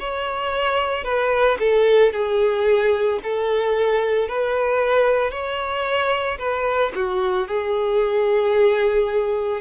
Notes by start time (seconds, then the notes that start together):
0.00 C#5
1.04 B4
1.59 A4
2.13 G#4
3.24 A4
4.29 B4
5.31 C#5
6.39 B4
6.95 F#4
7.48 G#4